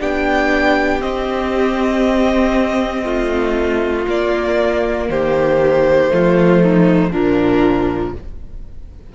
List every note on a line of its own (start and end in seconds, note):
0.00 1.04 B3
0.00 1.01 D4
0.00 3.04 G4
0.00 1.02 G5
1.01 4.06 C4
1.01 3.04 C4
1.01 4.07 D#5
3.04 4.06 A3
3.04 5.08 F4
4.07 6.10 A#3
4.07 5.10 A#3
4.07 5.10 D5
5.10 6.11 D#3
5.10 6.12 G4
5.10 7.12 C5
6.10 7.12 F3
6.10 7.11 A3
6.10 6.63 F4
6.63 7.11 D#4
7.11 8.14 A#2
7.11 8.15 F3
7.11 8.13 D4
7.11 8.14 A#4